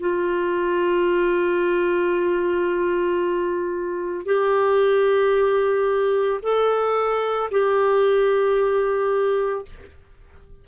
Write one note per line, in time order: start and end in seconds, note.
0.00 4.26 F4
4.26 6.40 G4
6.43 7.50 A4
7.51 9.65 G4